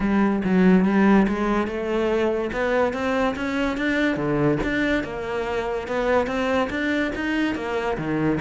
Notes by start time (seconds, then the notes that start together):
0.00 G3
0.44 F#3
0.84 G3
1.28 G#3
1.67 A3
2.52 B3
2.93 C4
3.35 C#4
3.77 D4
4.16 D3
4.63 D4
5.03 A#3
5.87 B3
6.26 C4
6.70 D4
7.15 D#4
7.55 A#3
7.97 D#3